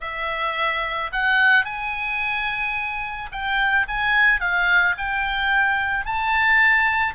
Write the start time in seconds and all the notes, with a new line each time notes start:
0.00 E5
1.12 F#5
1.64 G#5
3.32 G5
3.88 G#5
4.40 F5
4.97 G5
6.05 A5